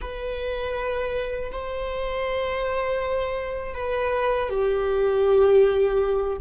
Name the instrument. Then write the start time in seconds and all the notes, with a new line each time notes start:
viola
0.01 B4
1.52 C5
3.74 B4
4.49 G4